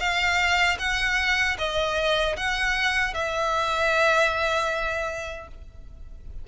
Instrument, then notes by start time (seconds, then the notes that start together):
violin
0.00 F5
0.79 F#5
1.58 D#5
2.37 F#5
3.14 E5